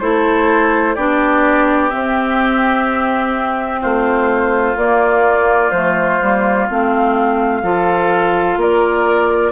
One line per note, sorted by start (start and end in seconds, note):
0.00 0.97 A3
0.00 0.96 E4
0.00 0.95 A4
0.00 0.95 C5
0.95 1.92 B3
0.95 1.91 D4
0.95 3.80 G4
0.95 1.90 D5
1.90 4.76 C4
1.90 3.84 C4
1.90 3.80 E5
3.81 4.76 A3
3.81 7.62 F4
3.81 4.77 C5
4.76 5.71 A#3
4.76 5.72 A#3
4.76 5.71 D5
5.71 6.19 F3
5.71 6.21 A3
5.71 6.66 C5
6.22 6.69 G3
6.22 6.69 A#3
6.69 7.62 A3
6.69 7.63 C4
6.69 8.62 F5
7.62 8.56 F3
7.62 9.52 F4
7.62 8.59 A4
8.56 9.52 A#3
8.56 9.52 A#4
8.56 9.52 D5